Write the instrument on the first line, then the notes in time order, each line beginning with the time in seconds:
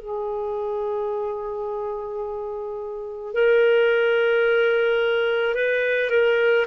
clarinet
0.00 G#4
3.33 A#4
5.55 B4
6.10 A#4